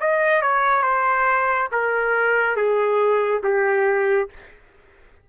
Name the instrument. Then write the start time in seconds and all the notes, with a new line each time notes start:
trumpet
0.00 D#5
0.42 C#5
0.83 C5
1.72 A#4
2.56 G#4
3.43 G4